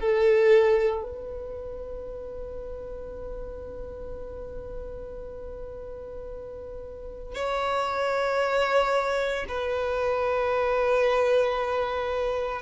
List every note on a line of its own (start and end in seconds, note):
0.00 1.03 A4
1.03 7.35 B4
7.35 9.45 C#5
9.48 12.62 B4